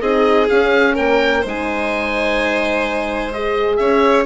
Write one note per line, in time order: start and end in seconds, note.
0.00 0.48 C4
0.00 0.49 D#4
0.00 0.94 G#4
0.00 0.47 D#5
0.49 1.44 C#4
0.49 0.98 C#4
0.49 0.96 F5
0.94 1.45 A#3
0.94 1.40 A#4
0.94 1.44 G5
1.40 3.79 G#3
1.40 3.33 D#4
1.40 3.77 C5
1.48 3.32 G#5
3.32 4.26 G#4
3.32 3.76 D#5
3.76 4.26 C#4
3.76 4.26 C#5
3.76 4.23 E5